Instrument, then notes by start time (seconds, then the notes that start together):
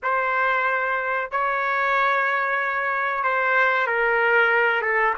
trumpet
0.02 C5
1.31 C#5
3.23 C5
3.87 A#4
4.81 A4